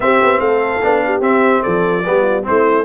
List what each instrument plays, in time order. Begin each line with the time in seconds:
0.00 tuba C4, trombone C4, horn G4, trumpet E5
0.22 tuba B3
0.40 tuba A3, horn A4, trumpet F5
0.82 tuba B3, trombone D4
1.05 horn G4
1.20 tuba C4, trombone C4, trumpet E5
1.62 tuba F3, horn A4, trumpet D5
2.04 tuba G3, trombone B3, horn G4
2.22 horn F4
2.42 trombone C4, horn E4, trumpet C5
2.49 tuba A3